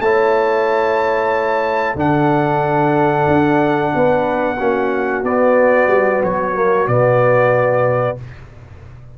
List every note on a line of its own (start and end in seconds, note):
0.00 1.96 A3
0.00 1.96 E4
0.00 1.97 C#5
0.00 1.97 A5
1.96 3.26 D3
1.96 4.57 D4
1.96 3.93 A4
1.96 5.25 F#5
3.28 3.93 D4
3.95 4.60 B3
3.95 4.58 B4
4.58 5.24 A#3
4.58 5.25 C#4
4.58 8.17 F#4
5.24 5.88 B3
5.24 6.55 B3
5.24 6.23 D5
5.88 6.21 G3
6.24 6.88 F#3
6.24 6.88 C#5
6.55 6.87 A#3
6.87 8.18 B2
6.87 8.18 B3
6.87 8.18 D5